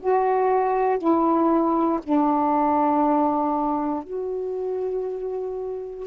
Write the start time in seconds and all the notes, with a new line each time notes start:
0.00 F#4
0.98 E4
2.03 D4
4.04 F#4